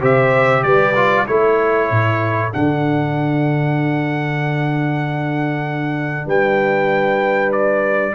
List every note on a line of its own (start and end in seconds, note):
0.00 0.63 C3
0.00 0.94 G4
0.00 0.63 C5
0.00 0.63 E5
0.63 1.26 G3
0.63 1.27 B4
0.63 1.26 D5
0.95 1.26 F4
1.26 1.90 A3
1.26 2.51 E4
1.26 6.26 A4
1.26 2.51 C#5
1.90 2.53 A2
2.51 6.26 D3
2.51 8.14 D4
2.51 6.28 F#5
6.26 8.13 G3
6.26 8.13 B4
6.26 7.52 G5
7.52 8.14 D5